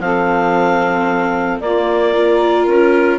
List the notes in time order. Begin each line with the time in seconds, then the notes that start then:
0.00 F3 C4 A4 F5
1.60 A#3 F4 D5
2.14 F4 A#4
2.67 C#4 A#4